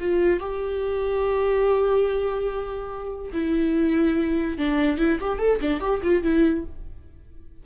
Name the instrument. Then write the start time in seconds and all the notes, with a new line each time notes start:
viola
0.00 F4
0.40 G4
3.33 E4
4.58 D4
4.98 E4
5.20 G4
5.39 A4
5.61 D4
5.81 G4
6.03 F4
6.23 E4